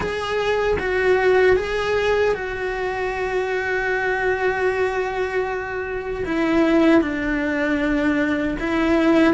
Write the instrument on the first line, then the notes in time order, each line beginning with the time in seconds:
cello
0.00 G#4
0.79 F#4
1.56 G#4
2.34 F#4
6.25 E4
7.01 D4
8.59 E4